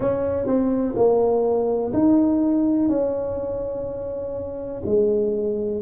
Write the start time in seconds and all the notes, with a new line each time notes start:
0.00 C#4
0.46 C4
0.96 A#3
1.93 D#4
2.89 C#4
4.85 G#3